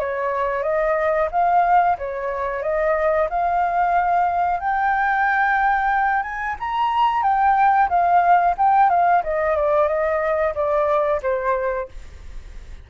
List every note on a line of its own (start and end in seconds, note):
0.00 0.63 C#5
0.63 1.29 D#5
1.32 1.98 F5
1.98 2.63 C#5
2.63 3.29 D#5
3.30 4.61 F5
4.61 6.23 G5
6.23 6.56 G#5
6.60 7.23 A#5
7.23 7.89 G5
7.89 8.55 F5
8.58 8.90 G5
8.90 9.23 F5
9.24 9.56 D#5
9.56 9.89 D5
9.89 10.55 D#5
10.55 11.21 D5
11.23 11.89 C5